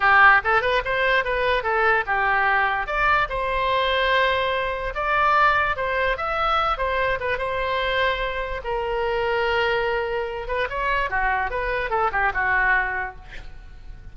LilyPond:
\new Staff \with { instrumentName = "oboe" } { \time 4/4 \tempo 4 = 146 g'4 a'8 b'8 c''4 b'4 | a'4 g'2 d''4 | c''1 | d''2 c''4 e''4~ |
e''8 c''4 b'8 c''2~ | c''4 ais'2.~ | ais'4. b'8 cis''4 fis'4 | b'4 a'8 g'8 fis'2 | }